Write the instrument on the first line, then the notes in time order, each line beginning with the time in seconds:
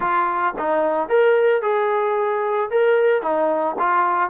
trombone
0.00 F4
0.58 D#4
1.08 A#4
1.62 G#4
2.70 A#4
3.22 D#4
3.78 F4